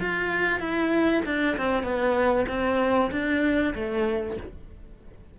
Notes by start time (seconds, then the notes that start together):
0.00 F4
0.59 E4
1.26 D4
1.57 C4
1.83 B3
2.48 C4
3.11 D4
3.75 A3